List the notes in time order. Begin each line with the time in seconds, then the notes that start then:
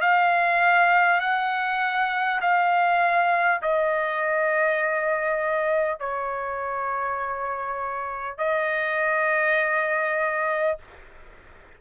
0.00 F5
1.20 F#5
2.41 F5
3.62 D#5
5.99 C#5
8.38 D#5